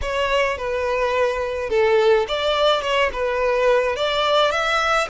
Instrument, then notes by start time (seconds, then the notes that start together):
violin
0.01 C#5
0.57 B4
1.69 A4
2.27 D5
2.81 C#5
3.13 B4
3.95 D5
4.51 E5